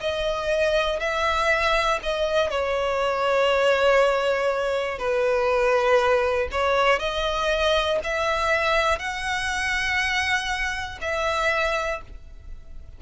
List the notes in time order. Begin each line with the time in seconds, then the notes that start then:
0.00 D#5
1.00 E5
2.02 D#5
2.50 C#5
4.98 B4
6.51 C#5
6.99 D#5
8.03 E5
8.99 F#5
11.01 E5